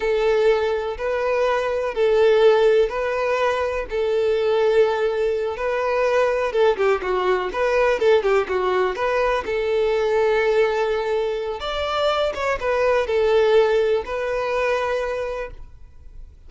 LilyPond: \new Staff \with { instrumentName = "violin" } { \time 4/4 \tempo 4 = 124 a'2 b'2 | a'2 b'2 | a'2.~ a'8 b'8~ | b'4. a'8 g'8 fis'4 b'8~ |
b'8 a'8 g'8 fis'4 b'4 a'8~ | a'1 | d''4. cis''8 b'4 a'4~ | a'4 b'2. | }